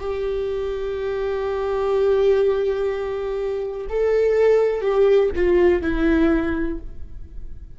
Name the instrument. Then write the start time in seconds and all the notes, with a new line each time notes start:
viola
0.00 G4
3.89 A4
4.82 G4
5.36 F4
5.83 E4